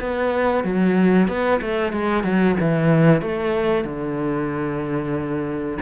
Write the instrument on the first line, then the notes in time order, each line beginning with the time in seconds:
cello
0.00 B3
0.64 F#3
1.28 B3
1.61 A3
1.92 G#3
2.24 F#3
2.60 E3
3.21 A3
3.84 D3